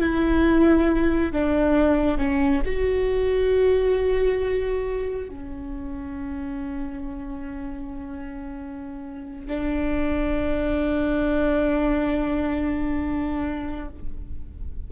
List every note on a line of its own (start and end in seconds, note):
0.00 1.32 E4
1.32 2.17 D4
2.17 2.61 C#4
2.65 5.29 F#4
5.29 9.47 C#4
9.47 13.88 D4